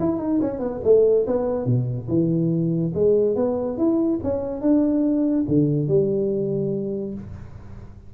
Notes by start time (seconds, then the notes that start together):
0.00 E4
0.19 D#4
0.42 C#4
0.60 B3
0.84 A3
1.27 B3
1.66 B2
2.09 E3
2.95 G#3
3.36 B3
3.78 E4
4.23 C#4
4.62 D4
5.48 D3
5.88 G3